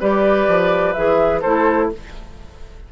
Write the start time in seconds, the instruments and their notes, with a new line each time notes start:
0.00 bassoon G3, clarinet G4, oboe B4, flute D5
0.48 bassoon F3
0.93 bassoon E3, clarinet G#4, flute E5
1.41 bassoon A3, clarinet E4, oboe A4, flute C5